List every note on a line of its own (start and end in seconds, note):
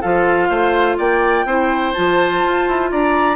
0.00 0.49 F3
0.00 1.47 F4
0.00 0.48 A4
0.00 0.97 F5
0.49 0.97 A3
0.49 0.97 C5
0.97 1.44 A#3
0.97 1.45 D5
0.97 1.93 G5
1.44 1.92 C4
1.44 1.94 E4
1.44 2.90 C5
1.93 2.44 F3
1.93 3.36 F4
1.93 2.89 A5
2.44 2.68 F4
2.68 2.92 E4
2.91 3.36 D4
2.91 3.36 D5
2.91 3.36 A#5